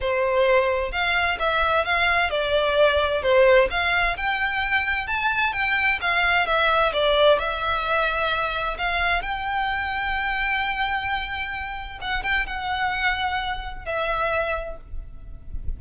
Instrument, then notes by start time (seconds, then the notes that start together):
violin
0.00 C5
0.92 F5
1.39 E5
1.84 F5
2.30 D5
3.22 C5
3.70 F5
4.16 G5
5.07 A5
5.53 G5
6.01 F5
6.46 E5
6.93 D5
7.38 E5
8.78 F5
9.22 G5
12.01 F#5
12.23 G5
12.46 F#5
13.85 E5